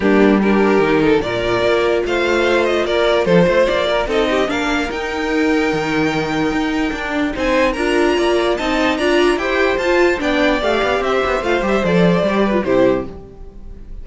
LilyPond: <<
  \new Staff \with { instrumentName = "violin" } { \time 4/4 \tempo 4 = 147 g'4 ais'2 d''4~ | d''4 f''4. dis''8 d''4 | c''4 d''4 dis''4 f''4 | g''1~ |
g''2 gis''4 ais''4~ | ais''4 a''4 ais''4 g''4 | a''4 g''4 f''4 e''4 | f''8 e''8 d''2 c''4 | }
  \new Staff \with { instrumentName = "violin" } { \time 4/4 d'4 g'4. a'8 ais'4~ | ais'4 c''2 ais'4 | a'8 c''4 ais'8 a'8 g'8 ais'4~ | ais'1~ |
ais'2 c''4 ais'4 | d''4 dis''4 d''4 c''4~ | c''4 d''2 c''4~ | c''2~ c''8 b'8 g'4 | }
  \new Staff \with { instrumentName = "viola" } { \time 4/4 ais4 d'4 dis'4 f'4~ | f'1~ | f'2 dis'4 d'4 | dis'1~ |
dis'4 d'4 dis'4 f'4~ | f'4 dis'4 f'4 g'4 | f'4 d'4 g'2 | f'8 g'8 a'4 g'8. f'16 e'4 | }
  \new Staff \with { instrumentName = "cello" } { \time 4/4 g2 dis4 ais,4 | ais4 a2 ais4 | f8 a8 ais4 c'4 ais4 | dis'2 dis2 |
dis'4 d'4 c'4 d'4 | ais4 c'4 d'4 e'4 | f'4 b4 a8 b8 c'8 b8 | a8 g8 f4 g4 c4 | }
>>